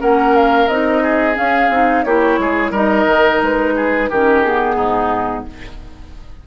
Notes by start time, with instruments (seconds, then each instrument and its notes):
0.00 bassoon A#3, clarinet C#4, oboe A#4, flute F#5
0.35 flute F5
0.68 bassoon C4, clarinet D#4, flute D#5
1.02 oboe G#4
1.34 clarinet C#4, bassoon C#4, flute F5
1.69 bassoon C4, clarinet D#4
2.03 bassoon A#3, clarinet E4, oboe G4, flute C#5
2.38 bassoon G#3, oboe G#4
2.70 bassoon G3, clarinet D#4, oboe A#4, flute D#5
3.06 bassoon D#3
3.42 bassoon G#3, flute B4
3.76 oboe G#4
4.09 bassoon D#3, clarinet C#4, oboe G4, flute A#4
4.42 clarinet B3, flute G#4
4.75 bassoon G#2, oboe D#4